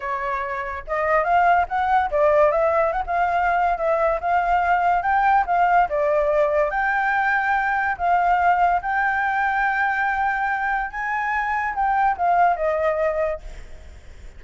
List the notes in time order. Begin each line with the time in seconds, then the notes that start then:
0.00 C#5
0.87 D#5
1.24 F5
1.68 F#5
2.10 D5
2.51 E5
2.92 F#5
3.06 F5
3.77 E5
4.20 F5
5.02 G5
5.46 F5
5.89 D5
6.70 G5
7.97 F5
8.82 G5
10.90 G#5
11.75 G5
12.17 F5
12.56 D#5